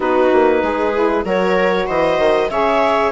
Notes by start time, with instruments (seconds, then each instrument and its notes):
0.00 bassoon B3, saxophone D#4, viola F#4, clarinet B4
0.33 bassoon A#3
0.62 bassoon G#3, viola G#4
0.93 saxophone E4
1.24 bassoon F#3, saxophone F#4, viola A#4, clarinet C#5
1.86 bassoon E3, viola C5, clarinet D#5
2.18 bassoon D#3
2.49 bassoon C#3, saxophone G#4, viola C#5, clarinet E5